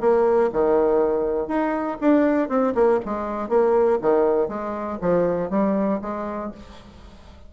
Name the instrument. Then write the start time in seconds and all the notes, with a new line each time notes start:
bassoon
0.00 A#3
0.52 D#3
1.47 D#4
2.00 D4
2.48 C4
2.74 A#3
3.05 G#3
3.48 A#3
4.01 D#3
4.48 G#3
5.01 F3
5.50 G3
6.01 G#3